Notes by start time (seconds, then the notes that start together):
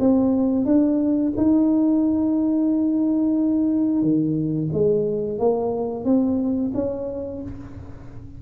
0.00 C4
0.66 D4
1.38 D#4
4.02 D#3
4.73 G#3
5.39 A#3
6.05 C4
6.74 C#4